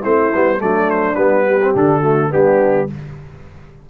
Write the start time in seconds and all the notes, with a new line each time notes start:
0.00 A3 C4 E4 C5
0.34 G3 B3
0.58 F#3 A3 D4 D5
0.90 C5
1.15 G3 B3 B4
1.46 G4
1.62 C4
1.75 D3 D4 A4
2.00 A3 F#4
2.30 G3 B3 D4 G4